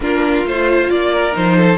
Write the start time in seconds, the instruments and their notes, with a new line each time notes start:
0.00 cello A#3, viola D4, violin F4 A#4
0.44 cello A3, viola F4, violin C5
0.90 cello A#3, violin D5
1.12 violin A#4
1.32 cello F3, viola D#4, violin C5
1.57 violin A4